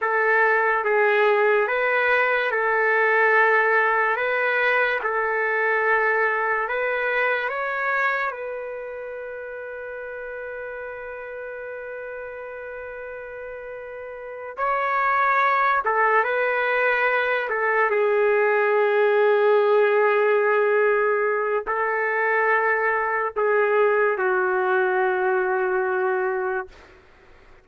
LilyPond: \new Staff \with { instrumentName = "trumpet" } { \time 4/4 \tempo 4 = 72 a'4 gis'4 b'4 a'4~ | a'4 b'4 a'2 | b'4 cis''4 b'2~ | b'1~ |
b'4. cis''4. a'8 b'8~ | b'4 a'8 gis'2~ gis'8~ | gis'2 a'2 | gis'4 fis'2. | }